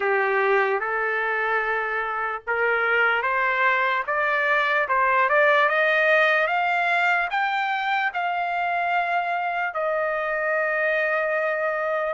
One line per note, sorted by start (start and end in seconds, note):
0.00 0.80 G4
0.80 2.42 A4
2.47 3.22 A#4
3.22 4.03 C5
4.07 4.88 D5
4.88 5.29 C5
5.29 5.69 D5
5.69 6.47 D#5
6.47 7.28 F5
7.30 8.11 G5
8.13 9.73 F5
9.73 12.13 D#5